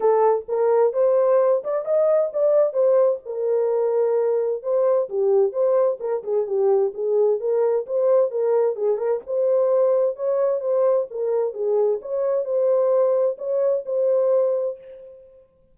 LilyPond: \new Staff \with { instrumentName = "horn" } { \time 4/4 \tempo 4 = 130 a'4 ais'4 c''4. d''8 | dis''4 d''4 c''4 ais'4~ | ais'2 c''4 g'4 | c''4 ais'8 gis'8 g'4 gis'4 |
ais'4 c''4 ais'4 gis'8 ais'8 | c''2 cis''4 c''4 | ais'4 gis'4 cis''4 c''4~ | c''4 cis''4 c''2 | }